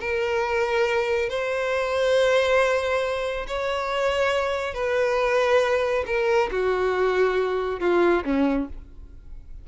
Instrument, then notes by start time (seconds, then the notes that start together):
violin
0.00 A#4
1.29 C5
3.47 C#5
4.74 B4
6.06 A#4
6.51 F#4
7.80 F4
8.24 C#4